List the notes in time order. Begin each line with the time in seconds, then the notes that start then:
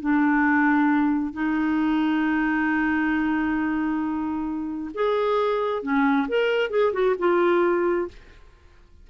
0.00 D4
1.32 D#4
4.94 G#4
5.82 C#4
6.28 A#4
6.70 G#4
6.93 F#4
7.18 F4